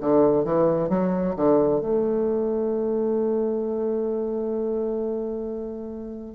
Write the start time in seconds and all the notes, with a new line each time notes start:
0.00 D3
0.44 E3
0.89 F#3
1.36 D3
1.80 A3